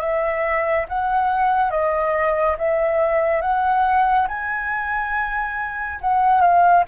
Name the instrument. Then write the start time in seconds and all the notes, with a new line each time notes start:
flute
0.00 E5
0.88 F#5
1.71 D#5
2.58 E5
3.41 F#5
4.28 G#5
6.01 F#5
6.41 F5